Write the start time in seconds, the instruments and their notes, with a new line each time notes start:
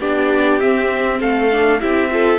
0.00 cello B3, viola D4, violin G4, trumpet D5
0.60 viola C4, cello C4, trumpet E5
1.20 cello A3, violin A4, trumpet F5
1.52 viola D4
1.80 cello C4, viola E4, violin G4, trumpet E5
2.11 viola F4, violin A4